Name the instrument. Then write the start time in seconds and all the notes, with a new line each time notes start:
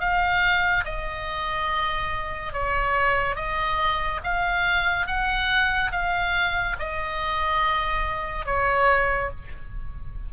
oboe
0.00 F5
0.85 D#5
2.53 C#5
3.36 D#5
4.24 F5
5.07 F#5
5.92 F5
6.80 D#5
8.46 C#5